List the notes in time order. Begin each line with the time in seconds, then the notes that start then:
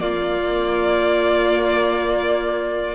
0.00 A#3 F4 D5